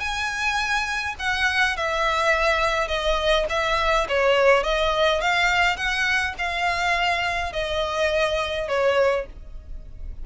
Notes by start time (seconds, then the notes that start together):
0.00 G#5
1.20 F#5
1.77 E5
2.88 D#5
3.50 E5
4.09 C#5
4.64 D#5
5.22 F5
5.77 F#5
6.39 F5
7.53 D#5
8.69 C#5